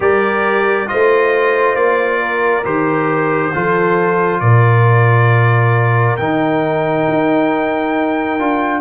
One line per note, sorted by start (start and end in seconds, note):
0.00 0.87 G3
0.00 0.87 G4
0.00 0.89 A#4
0.00 0.88 D5
0.87 1.75 A3
0.87 2.63 F4
0.87 2.20 C5
0.87 1.75 D#5
1.75 2.63 A#3
1.75 2.63 D5
2.20 3.53 A#4
2.63 3.53 D#3
2.63 3.52 G4
2.63 4.40 C5
3.53 4.41 F3
3.53 6.18 F4
3.53 4.41 A4
4.40 6.17 A#2
4.40 8.81 A#4
4.40 6.16 D5
6.17 7.07 D#3
6.17 8.39 D#4
6.17 8.81 G5
7.08 8.39 D#4
8.39 8.81 D4
8.39 8.81 F4